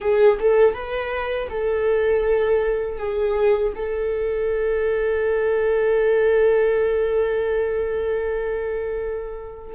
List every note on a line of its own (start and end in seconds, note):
0.00 0.38 G#4
0.39 0.74 A4
0.74 1.49 B4
1.49 2.98 A4
2.98 3.73 G#4
3.75 9.75 A4